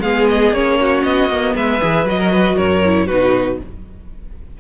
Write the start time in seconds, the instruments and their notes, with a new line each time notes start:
0.00 cello G#3, viola B3, violin G#4 F5
0.29 violin D#5
0.51 cello A#3, viola C#4, violin C#5
0.80 violin F#4
1.03 cello B3, violin D#5
1.29 cello A#3, viola B3
1.55 cello G#3, violin B4 E5
1.80 cello E3, viola G#4
2.05 cello F#3, viola F#4, violin D#5
2.19 violin A#4
2.31 violin B4
2.56 cello F#2, violin A#4 C#5
2.85 viola E4
3.06 cello B2, viola D#4, violin F#4 B4